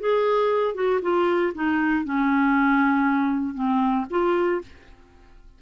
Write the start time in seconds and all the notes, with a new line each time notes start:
0.00 G#4
0.75 F#4
1.02 F4
1.55 D#4
2.05 C#4
3.55 C4
4.10 F4